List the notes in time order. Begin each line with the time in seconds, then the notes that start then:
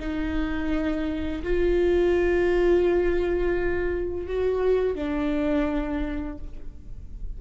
0.00 D#4
1.44 F4
4.27 F#4
4.95 D4